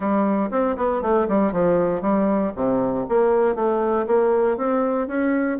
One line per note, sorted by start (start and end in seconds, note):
0.00 0.49 G3
0.50 0.76 C4
0.76 1.01 B3
1.01 1.27 A3
1.28 1.52 G3
1.52 2.01 F3
2.01 2.52 G3
2.55 3.06 C3
3.08 3.55 A#3
3.55 4.06 A3
4.07 4.57 A#3
4.57 5.07 C4
5.07 5.58 C#4